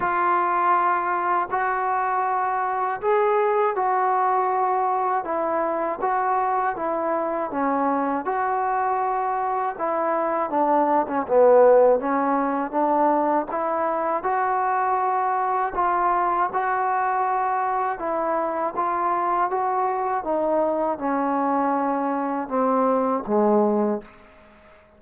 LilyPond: \new Staff \with { instrumentName = "trombone" } { \time 4/4 \tempo 4 = 80 f'2 fis'2 | gis'4 fis'2 e'4 | fis'4 e'4 cis'4 fis'4~ | fis'4 e'4 d'8. cis'16 b4 |
cis'4 d'4 e'4 fis'4~ | fis'4 f'4 fis'2 | e'4 f'4 fis'4 dis'4 | cis'2 c'4 gis4 | }